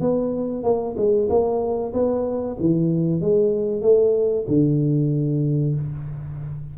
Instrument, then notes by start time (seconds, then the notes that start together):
tuba
0.00 B3
0.63 A#3
0.97 G#3
1.29 A#3
1.93 B3
2.60 E3
3.21 G#3
3.82 A3
4.48 D3